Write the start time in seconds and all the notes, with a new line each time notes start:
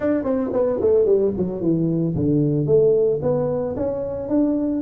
0.00 D4
0.23 C4
0.52 B3
0.80 A3
1.05 G3
1.37 F#3
1.61 E3
2.15 D3
2.66 A3
3.21 B3
3.76 C#4
4.29 D4